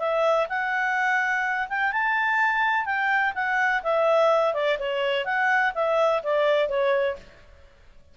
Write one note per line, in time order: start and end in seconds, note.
0.00 0.48 E5
0.49 1.68 F#5
1.69 1.93 G5
1.93 2.86 A5
2.86 3.33 G5
3.35 3.83 F#5
3.84 4.54 E5
4.54 4.78 D5
4.79 5.25 C#5
5.25 5.73 F#5
5.75 6.23 E5
6.23 6.69 D5
6.69 7.16 C#5